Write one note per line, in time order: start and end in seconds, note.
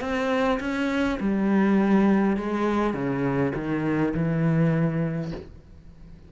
0.00 0.59 C4
0.60 1.19 C#4
1.20 2.36 G3
2.36 2.93 G#3
2.93 3.52 C#3
3.55 4.13 D#3
4.14 5.31 E3